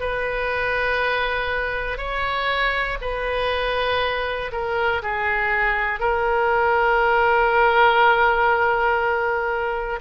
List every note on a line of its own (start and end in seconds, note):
0.00 1.98 B4
1.98 2.98 C#5
3.01 4.51 B4
4.52 5.02 A#4
5.02 6.00 G#4
6.00 10.00 A#4